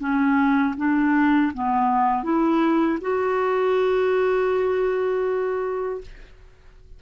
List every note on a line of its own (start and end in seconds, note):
0.00 0.75 C#4
0.77 1.52 D4
1.54 2.24 B3
2.24 2.99 E4
3.01 6.01 F#4